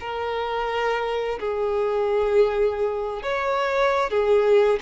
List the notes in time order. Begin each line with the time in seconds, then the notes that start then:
0.00 A#4
1.39 G#4
3.22 C#5
4.10 G#4